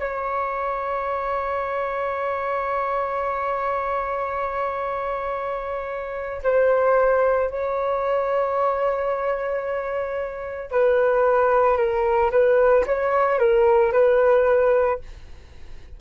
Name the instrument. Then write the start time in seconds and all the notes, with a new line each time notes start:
flute
0.00 C#5
6.44 C5
7.50 C#5
10.72 B4
11.78 A#4
12.32 B4
12.87 C#5
13.39 A#4
13.93 B4